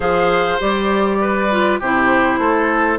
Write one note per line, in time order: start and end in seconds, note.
0.00 0.59 F3
0.00 0.58 G#4
0.00 1.17 C5
0.00 0.60 F5
0.58 1.80 G3
0.58 1.49 G4
0.58 1.81 D5
1.21 1.79 B4
1.50 1.80 F4
1.79 2.38 C3
1.79 2.99 E4
1.79 2.39 G4
1.79 2.99 C5
2.38 2.98 A3
2.38 2.99 A4